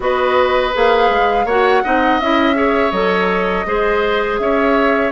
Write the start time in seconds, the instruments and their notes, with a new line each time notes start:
0.00 bassoon B3, clarinet F#4, oboe B4, flute D#5
0.73 bassoon A#3, clarinet G#4, flute F5
1.09 bassoon G#3
1.45 bassoon A#3, clarinet F#4, oboe C#5, flute F#5
1.83 bassoon C4, clarinet D#4, oboe D#5
2.20 bassoon C#4, clarinet E4, flute E5
2.54 clarinet G#4, oboe C#5
2.91 bassoon F#3, clarinet A4, flute D#5
3.66 bassoon G#3, clarinet G#4, oboe C5
4.38 bassoon C#4, oboe C#5, flute E5